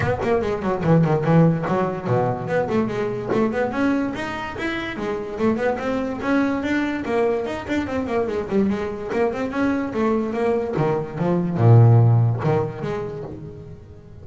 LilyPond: \new Staff \with { instrumentName = "double bass" } { \time 4/4 \tempo 4 = 145 b8 ais8 gis8 fis8 e8 dis8 e4 | fis4 b,4 b8 a8 gis4 | a8 b8 cis'4 dis'4 e'4 | gis4 a8 b8 c'4 cis'4 |
d'4 ais4 dis'8 d'8 c'8 ais8 | gis8 g8 gis4 ais8 c'8 cis'4 | a4 ais4 dis4 f4 | ais,2 dis4 gis4 | }